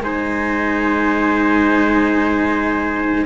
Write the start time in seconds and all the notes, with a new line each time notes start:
0.00 G#3 D#4 C5 G#5